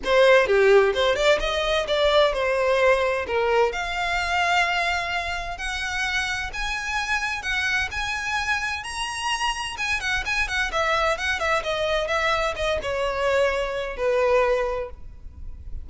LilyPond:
\new Staff \with { instrumentName = "violin" } { \time 4/4 \tempo 4 = 129 c''4 g'4 c''8 d''8 dis''4 | d''4 c''2 ais'4 | f''1 | fis''2 gis''2 |
fis''4 gis''2 ais''4~ | ais''4 gis''8 fis''8 gis''8 fis''8 e''4 | fis''8 e''8 dis''4 e''4 dis''8 cis''8~ | cis''2 b'2 | }